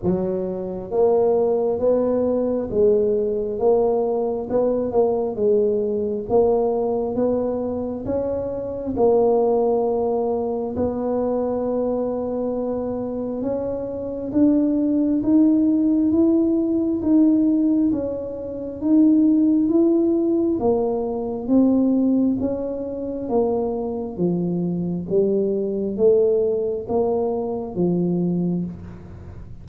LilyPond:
\new Staff \with { instrumentName = "tuba" } { \time 4/4 \tempo 4 = 67 fis4 ais4 b4 gis4 | ais4 b8 ais8 gis4 ais4 | b4 cis'4 ais2 | b2. cis'4 |
d'4 dis'4 e'4 dis'4 | cis'4 dis'4 e'4 ais4 | c'4 cis'4 ais4 f4 | g4 a4 ais4 f4 | }